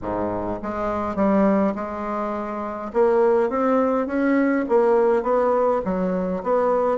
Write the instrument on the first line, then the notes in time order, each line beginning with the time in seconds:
bassoon
0.02 G#2
0.62 G#3
1.15 G3
1.75 G#3
2.93 A#3
3.49 C4
4.06 C#4
4.68 A#3
5.23 B3
5.84 F#3
6.43 B3